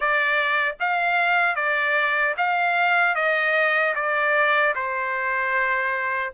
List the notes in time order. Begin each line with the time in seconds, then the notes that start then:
0.00 D5
0.79 F5
1.55 D5
2.37 F5
3.15 D#5
3.95 D5
4.75 C5